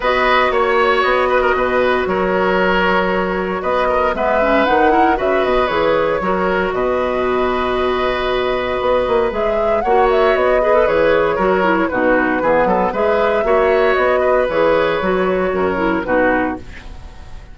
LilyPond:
<<
  \new Staff \with { instrumentName = "flute" } { \time 4/4 \tempo 4 = 116 dis''4 cis''4 dis''2 | cis''2. dis''4 | e''4 fis''4 e''8 dis''8 cis''4~ | cis''4 dis''2.~ |
dis''2 e''4 fis''8 e''8 | dis''4 cis''2 b'4~ | b'4 e''2 dis''4 | cis''2. b'4 | }
  \new Staff \with { instrumentName = "oboe" } { \time 4/4 b'4 cis''4. b'16 ais'16 b'4 | ais'2. b'8 ais'8 | b'4. ais'8 b'2 | ais'4 b'2.~ |
b'2. cis''4~ | cis''8 b'4. ais'4 fis'4 | gis'8 a'8 b'4 cis''4. b'8~ | b'2 ais'4 fis'4 | }
  \new Staff \with { instrumentName = "clarinet" } { \time 4/4 fis'1~ | fis'1 | b8 cis'8 dis'8 e'8 fis'4 gis'4 | fis'1~ |
fis'2 gis'4 fis'4~ | fis'8 gis'16 a'16 gis'4 fis'8 e'8 dis'4 | b4 gis'4 fis'2 | gis'4 fis'4. e'8 dis'4 | }
  \new Staff \with { instrumentName = "bassoon" } { \time 4/4 b4 ais4 b4 b,4 | fis2. b4 | gis4 dis4 cis8 b,8 e4 | fis4 b,2.~ |
b,4 b8 ais8 gis4 ais4 | b4 e4 fis4 b,4 | e8 fis8 gis4 ais4 b4 | e4 fis4 fis,4 b,4 | }
>>